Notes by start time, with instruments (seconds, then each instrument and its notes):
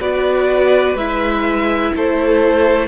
0.00 cello B3, viola F#4, violin B4 D5
0.95 cello G#3, viola E4, violin E5
1.95 cello A3, violin A4 C5